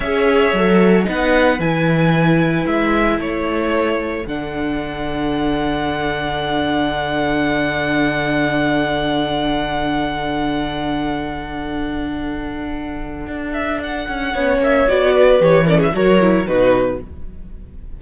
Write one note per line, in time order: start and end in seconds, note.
0.00 0.52 C#4
0.00 0.56 G#4
0.00 1.06 C#5
0.00 1.05 E5
0.53 1.06 F#3
0.53 1.04 A4
1.04 1.59 B3
1.04 1.57 D#4
1.04 3.17 B4
1.04 1.60 F#5
1.59 2.65 E3
1.59 4.26 E4
1.59 2.66 G#5
2.66 3.18 G#3
2.66 3.19 E5
3.17 4.25 A3
3.17 14.32 A4
3.17 4.26 C#5
4.26 13.26 D3
4.26 14.35 D4
4.26 13.53 F#5
13.26 14.06 D4
13.53 13.79 E5
13.83 14.62 F#5
14.08 14.34 C#4
14.33 14.58 B3
14.33 14.88 C#4
14.33 15.13 C#5
14.58 14.85 A#3
14.58 14.88 E5
14.88 15.40 B3
14.88 15.39 F#4
14.88 15.41 D5
15.15 15.64 B4
15.39 15.93 E3
15.39 15.66 G4
15.39 15.67 C#5
15.64 15.92 C#4
15.64 15.77 A#4
15.64 15.80 D5
15.77 15.90 G#4
15.77 15.95 E5
15.92 16.46 F#3
15.92 16.18 F#4
15.92 16.47 A#4
15.92 16.47 C#5
16.20 16.46 E4
16.46 17.01 B2
16.46 16.99 D#4
16.46 17.01 F#4
16.46 17.00 B4